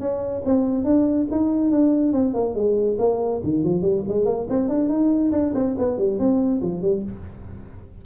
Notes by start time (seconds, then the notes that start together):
0.00 C#4
0.45 C4
0.85 D4
1.31 D#4
1.71 D4
2.13 C4
2.34 A#3
2.55 G#3
2.99 A#3
3.44 D#3
3.64 F3
3.82 G3
4.09 G#3
4.26 A#3
4.50 C4
4.69 D4
4.89 D#4
5.32 D4
5.55 C4
5.79 B3
5.98 G3
6.19 C4
6.62 F3
6.82 G3